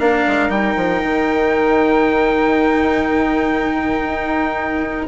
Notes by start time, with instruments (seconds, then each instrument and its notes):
0.00 bassoon A#3, cello D4, flute A#4, trumpet F5
0.27 bassoon G#3
0.50 bassoon G3, cello D#4, trumpet G5
0.76 bassoon F3
1.03 bassoon D#3
4.06 bassoon D#4